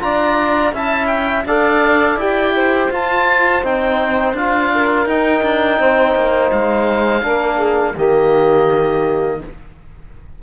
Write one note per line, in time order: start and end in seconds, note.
0.00 0.72 D4
0.00 0.72 F4
0.00 0.73 D5
0.00 0.74 A#5
0.72 1.45 C#4
0.72 1.45 E4
0.72 1.46 E5
0.72 1.07 A5
1.07 1.43 G5
1.45 2.16 D4
1.45 2.19 A4
1.45 2.54 D5
1.45 2.19 F5
2.16 2.88 E4
2.16 2.91 G4
2.16 2.93 G5
2.55 4.72 C5
2.91 3.63 F4
2.91 3.66 A5
3.63 4.33 C4
3.63 4.36 D#4
3.63 4.37 G5
4.33 5.05 D4
4.33 5.07 F4
4.33 5.08 F5
4.74 5.79 A#4
5.06 5.42 D#4
5.06 7.22 D#4
5.06 6.52 G5
5.43 5.79 D4
5.79 6.15 C4
5.79 7.24 C5
6.15 6.51 A#3
6.52 7.22 G#3
6.52 7.96 F5
7.22 7.94 A#3
7.22 7.94 D4
7.22 7.56 A#4
7.56 7.92 G#4
7.95 9.41 D#3
7.95 9.42 A#3
7.95 9.40 G4
7.95 9.42 D#5